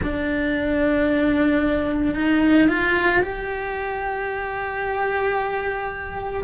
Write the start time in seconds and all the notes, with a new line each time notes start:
0.02 D4
2.14 D#4
2.68 F4
3.21 G4